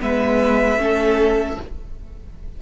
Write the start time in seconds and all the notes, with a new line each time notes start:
0.00 G#3 B3 B4 E5
0.78 A3 C#4 A4